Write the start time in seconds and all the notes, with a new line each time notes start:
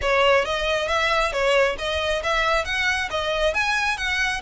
0.01 C#5
0.44 D#5
0.88 E5
1.32 C#5
1.78 D#5
2.23 E5
2.65 F#5
3.10 D#5
3.54 G#5
3.97 F#5